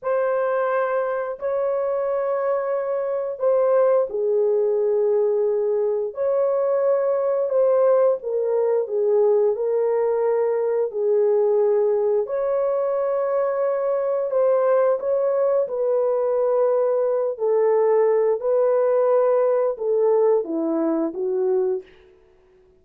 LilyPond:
\new Staff \with { instrumentName = "horn" } { \time 4/4 \tempo 4 = 88 c''2 cis''2~ | cis''4 c''4 gis'2~ | gis'4 cis''2 c''4 | ais'4 gis'4 ais'2 |
gis'2 cis''2~ | cis''4 c''4 cis''4 b'4~ | b'4. a'4. b'4~ | b'4 a'4 e'4 fis'4 | }